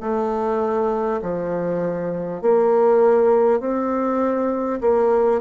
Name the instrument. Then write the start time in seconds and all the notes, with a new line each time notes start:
bassoon
0.00 A3
1.22 F3
2.41 A#3
3.59 C4
4.80 A#3